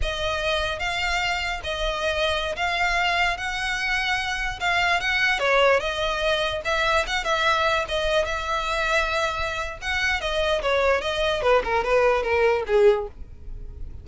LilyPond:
\new Staff \with { instrumentName = "violin" } { \time 4/4 \tempo 4 = 147 dis''2 f''2 | dis''2~ dis''16 f''4.~ f''16~ | f''16 fis''2. f''8.~ | f''16 fis''4 cis''4 dis''4.~ dis''16~ |
dis''16 e''4 fis''8 e''4. dis''8.~ | dis''16 e''2.~ e''8. | fis''4 dis''4 cis''4 dis''4 | b'8 ais'8 b'4 ais'4 gis'4 | }